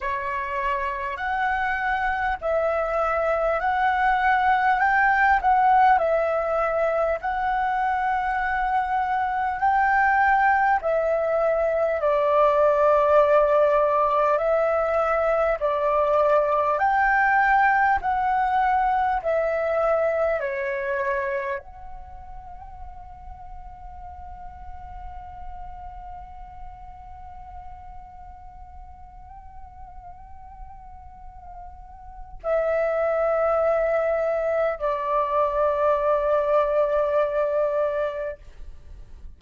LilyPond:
\new Staff \with { instrumentName = "flute" } { \time 4/4 \tempo 4 = 50 cis''4 fis''4 e''4 fis''4 | g''8 fis''8 e''4 fis''2 | g''4 e''4 d''2 | e''4 d''4 g''4 fis''4 |
e''4 cis''4 fis''2~ | fis''1~ | fis''2. e''4~ | e''4 d''2. | }